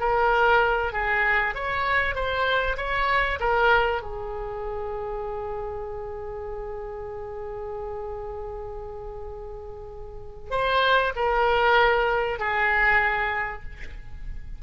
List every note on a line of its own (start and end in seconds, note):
0.00 0.93 A#4
0.93 1.55 G#4
1.55 2.15 C#5
2.15 2.77 C5
2.78 3.39 C#5
3.40 4.02 A#4
4.02 10.51 G#4
10.51 11.13 C5
11.16 12.39 A#4
12.39 13.63 G#4